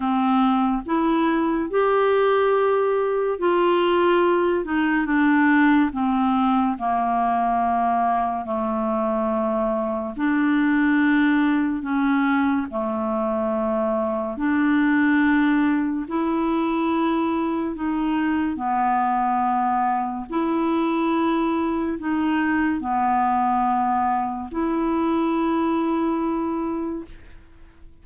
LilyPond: \new Staff \with { instrumentName = "clarinet" } { \time 4/4 \tempo 4 = 71 c'4 e'4 g'2 | f'4. dis'8 d'4 c'4 | ais2 a2 | d'2 cis'4 a4~ |
a4 d'2 e'4~ | e'4 dis'4 b2 | e'2 dis'4 b4~ | b4 e'2. | }